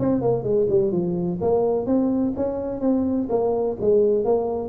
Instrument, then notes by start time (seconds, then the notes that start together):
tuba
0.00 C4
0.22 A#3
0.44 G#3
0.70 G3
0.92 F3
1.42 A#3
1.87 C4
2.37 C#4
2.81 C4
3.30 A#3
3.81 G#3
4.25 A#3